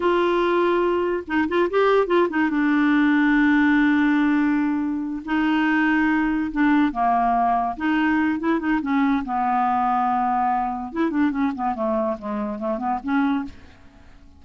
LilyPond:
\new Staff \with { instrumentName = "clarinet" } { \time 4/4 \tempo 4 = 143 f'2. dis'8 f'8 | g'4 f'8 dis'8 d'2~ | d'1~ | d'8 dis'2. d'8~ |
d'8 ais2 dis'4. | e'8 dis'8 cis'4 b2~ | b2 e'8 d'8 cis'8 b8 | a4 gis4 a8 b8 cis'4 | }